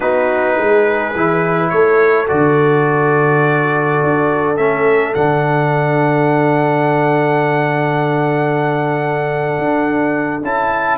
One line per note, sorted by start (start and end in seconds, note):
0.00 0.59 B3
0.00 1.14 D#4
0.00 0.56 F#4
0.00 1.69 B4
0.57 1.15 G#3
0.57 1.71 G#4
1.15 1.71 E3
1.15 2.27 E4
1.69 2.28 A3
1.69 10.97 A4
1.69 2.26 C#5
2.27 4.03 D3
2.27 4.55 F#4
2.27 4.56 D5
4.03 4.57 D4
4.56 5.14 A3
4.56 5.14 C#4
4.56 5.14 E5
5.14 9.57 D3
5.14 10.43 D4
5.14 10.42 F#5
9.57 10.42 D4
10.42 10.97 C#4
10.42 10.97 E4
10.42 10.97 A5